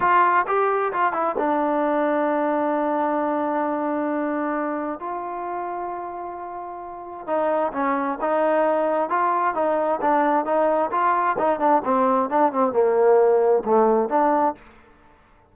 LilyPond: \new Staff \with { instrumentName = "trombone" } { \time 4/4 \tempo 4 = 132 f'4 g'4 f'8 e'8 d'4~ | d'1~ | d'2. f'4~ | f'1 |
dis'4 cis'4 dis'2 | f'4 dis'4 d'4 dis'4 | f'4 dis'8 d'8 c'4 d'8 c'8 | ais2 a4 d'4 | }